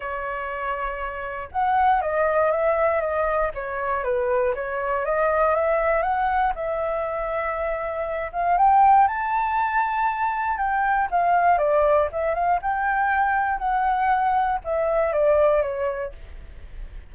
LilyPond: \new Staff \with { instrumentName = "flute" } { \time 4/4 \tempo 4 = 119 cis''2. fis''4 | dis''4 e''4 dis''4 cis''4 | b'4 cis''4 dis''4 e''4 | fis''4 e''2.~ |
e''8 f''8 g''4 a''2~ | a''4 g''4 f''4 d''4 | e''8 f''8 g''2 fis''4~ | fis''4 e''4 d''4 cis''4 | }